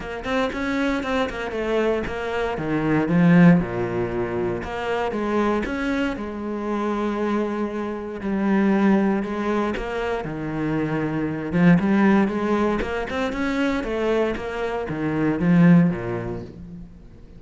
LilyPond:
\new Staff \with { instrumentName = "cello" } { \time 4/4 \tempo 4 = 117 ais8 c'8 cis'4 c'8 ais8 a4 | ais4 dis4 f4 ais,4~ | ais,4 ais4 gis4 cis'4 | gis1 |
g2 gis4 ais4 | dis2~ dis8 f8 g4 | gis4 ais8 c'8 cis'4 a4 | ais4 dis4 f4 ais,4 | }